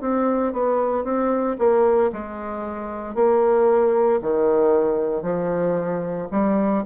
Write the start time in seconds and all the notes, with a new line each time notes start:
0.00 C4
0.53 B3
1.04 C4
1.58 A#3
2.12 G#3
3.14 A#3
4.21 D#3
5.22 F3
6.31 G3